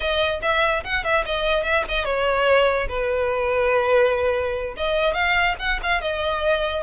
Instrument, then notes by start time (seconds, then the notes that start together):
violin
0.00 D#5
0.42 E5
0.84 F#5
1.04 E5
1.25 D#5
1.63 E5
1.88 D#5
2.05 C#5
2.88 B4
4.76 D#5
5.13 F5
5.59 F#5
5.82 F5
6.01 D#5